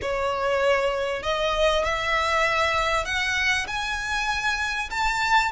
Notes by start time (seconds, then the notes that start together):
0.01 C#5
1.22 D#5
1.84 E5
3.05 F#5
3.67 G#5
4.90 A5